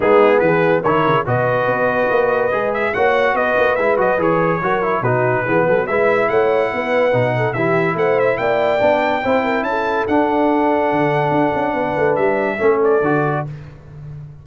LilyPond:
<<
  \new Staff \with { instrumentName = "trumpet" } { \time 4/4 \tempo 4 = 143 gis'4 b'4 cis''4 dis''4~ | dis''2~ dis''8 e''8 fis''4 | dis''4 e''8 dis''8 cis''2 | b'2 e''4 fis''4~ |
fis''2 e''4 fis''8 e''8 | g''2. a''4 | fis''1~ | fis''4 e''4. d''4. | }
  \new Staff \with { instrumentName = "horn" } { \time 4/4 dis'4 gis'4 ais'4 b'4~ | b'2. cis''4 | b'2. ais'4 | fis'4 gis'8 a'8 b'4 cis''4 |
b'4. a'8 g'4 c''4 | d''2 c''8 ais'8 a'4~ | a'1 | b'2 a'2 | }
  \new Staff \with { instrumentName = "trombone" } { \time 4/4 b2 e'4 fis'4~ | fis'2 gis'4 fis'4~ | fis'4 e'8 fis'8 gis'4 fis'8 e'8 | dis'4 b4 e'2~ |
e'4 dis'4 e'2~ | e'4 d'4 e'2 | d'1~ | d'2 cis'4 fis'4 | }
  \new Staff \with { instrumentName = "tuba" } { \time 4/4 gis4 e4 dis8 cis8 b,4 | b4 ais4 gis4 ais4 | b8 ais8 gis8 fis8 e4 fis4 | b,4 e8 fis8 gis4 a4 |
b4 b,4 e4 a4 | ais4 b4 c'4 cis'4 | d'2 d4 d'8 cis'8 | b8 a8 g4 a4 d4 | }
>>